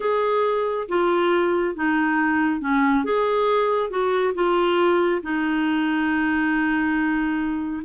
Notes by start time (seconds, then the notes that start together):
0.00 G#4
0.88 F4
1.75 D#4
2.60 C#4
3.04 G#4
3.90 F#4
4.34 F4
5.22 D#4